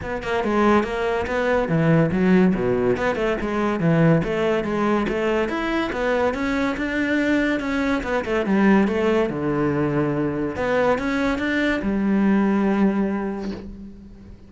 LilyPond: \new Staff \with { instrumentName = "cello" } { \time 4/4 \tempo 4 = 142 b8 ais8 gis4 ais4 b4 | e4 fis4 b,4 b8 a8 | gis4 e4 a4 gis4 | a4 e'4 b4 cis'4 |
d'2 cis'4 b8 a8 | g4 a4 d2~ | d4 b4 cis'4 d'4 | g1 | }